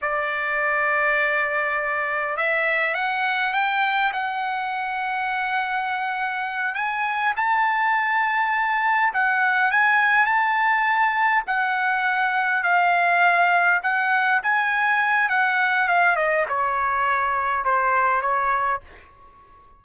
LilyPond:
\new Staff \with { instrumentName = "trumpet" } { \time 4/4 \tempo 4 = 102 d''1 | e''4 fis''4 g''4 fis''4~ | fis''2.~ fis''8 gis''8~ | gis''8 a''2. fis''8~ |
fis''8 gis''4 a''2 fis''8~ | fis''4. f''2 fis''8~ | fis''8 gis''4. fis''4 f''8 dis''8 | cis''2 c''4 cis''4 | }